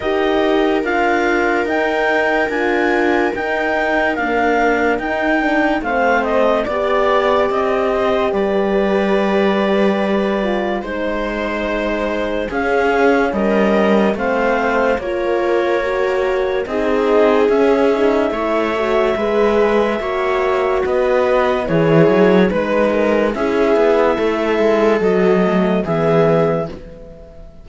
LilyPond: <<
  \new Staff \with { instrumentName = "clarinet" } { \time 4/4 \tempo 4 = 72 dis''4 f''4 g''4 gis''4 | g''4 f''4 g''4 f''8 dis''8 | d''4 dis''4 d''2~ | d''4 c''2 f''4 |
dis''4 f''4 cis''2 | dis''4 e''2.~ | e''4 dis''4 cis''4 b'4 | e''2 dis''4 e''4 | }
  \new Staff \with { instrumentName = "viola" } { \time 4/4 ais'1~ | ais'2. c''4 | d''4. c''8 b'2~ | b'4 c''2 gis'4 |
ais'4 c''4 ais'2 | gis'2 cis''4 b'4 | cis''4 b'4 gis'4 b'8 ais'8 | gis'4 a'2 gis'4 | }
  \new Staff \with { instrumentName = "horn" } { \time 4/4 g'4 f'4 dis'4 f'4 | dis'4 ais4 dis'8 d'8 c'4 | g'1~ | g'8 f'8 dis'2 cis'4~ |
cis'4 c'4 f'4 fis'4 | dis'4 cis'8 dis'8 e'8 fis'8 gis'4 | fis'2 e'4 dis'4 | e'2 fis'8 a8 b4 | }
  \new Staff \with { instrumentName = "cello" } { \time 4/4 dis'4 d'4 dis'4 d'4 | dis'4 d'4 dis'4 a4 | b4 c'4 g2~ | g4 gis2 cis'4 |
g4 a4 ais2 | c'4 cis'4 a4 gis4 | ais4 b4 e8 fis8 gis4 | cis'8 b8 a8 gis8 fis4 e4 | }
>>